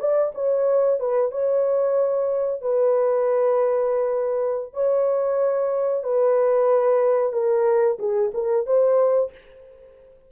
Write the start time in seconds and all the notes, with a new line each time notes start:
0.00 D5
0.35 C#5
1.00 B4
1.32 C#5
2.62 B4
4.74 C#5
6.04 B4
7.33 A#4
7.99 G#4
8.34 A#4
8.66 C5